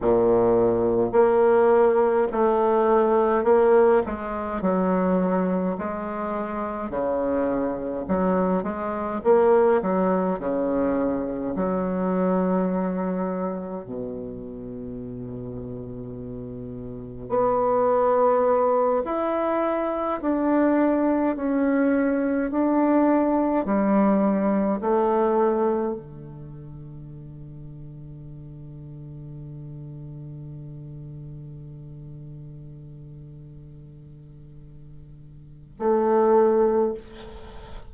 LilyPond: \new Staff \with { instrumentName = "bassoon" } { \time 4/4 \tempo 4 = 52 ais,4 ais4 a4 ais8 gis8 | fis4 gis4 cis4 fis8 gis8 | ais8 fis8 cis4 fis2 | b,2. b4~ |
b8 e'4 d'4 cis'4 d'8~ | d'8 g4 a4 d4.~ | d1~ | d2. a4 | }